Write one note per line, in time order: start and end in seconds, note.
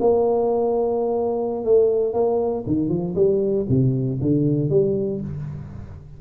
0.00 1.65 A#3
1.65 2.13 A3
2.13 2.64 A#3
2.66 2.89 D#3
2.89 3.15 F3
3.15 3.66 G3
3.69 4.20 C3
4.22 4.70 D3
4.70 5.21 G3